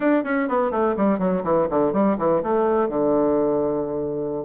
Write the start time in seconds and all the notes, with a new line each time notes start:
0.00 D4
0.24 C#4
0.48 B3
0.71 A3
0.97 G3
1.18 F#3
1.43 E3
1.70 D3
1.92 G3
2.18 E3
2.42 A3
2.88 D3